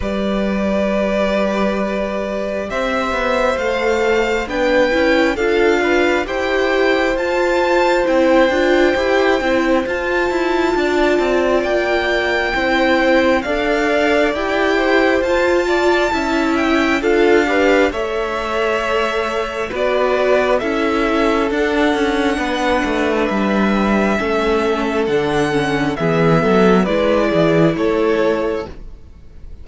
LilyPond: <<
  \new Staff \with { instrumentName = "violin" } { \time 4/4 \tempo 4 = 67 d''2. e''4 | f''4 g''4 f''4 g''4 | a''4 g''2 a''4~ | a''4 g''2 f''4 |
g''4 a''4. g''8 f''4 | e''2 d''4 e''4 | fis''2 e''2 | fis''4 e''4 d''4 cis''4 | }
  \new Staff \with { instrumentName = "violin" } { \time 4/4 b'2. c''4~ | c''4 b'4 a'8 b'8 c''4~ | c''1 | d''2 c''4 d''4~ |
d''8 c''4 d''8 e''4 a'8 b'8 | cis''2 b'4 a'4~ | a'4 b'2 a'4~ | a'4 gis'8 a'8 b'8 gis'8 a'4 | }
  \new Staff \with { instrumentName = "viola" } { \time 4/4 g'1 | a'4 d'8 e'8 f'4 g'4 | f'4 e'8 f'8 g'8 e'8 f'4~ | f'2 e'4 a'4 |
g'4 f'4 e'4 f'8 g'8 | a'2 fis'4 e'4 | d'2. cis'4 | d'8 cis'8 b4 e'2 | }
  \new Staff \with { instrumentName = "cello" } { \time 4/4 g2. c'8 b8 | a4 b8 cis'8 d'4 e'4 | f'4 c'8 d'8 e'8 c'8 f'8 e'8 | d'8 c'8 ais4 c'4 d'4 |
e'4 f'4 cis'4 d'4 | a2 b4 cis'4 | d'8 cis'8 b8 a8 g4 a4 | d4 e8 fis8 gis8 e8 a4 | }
>>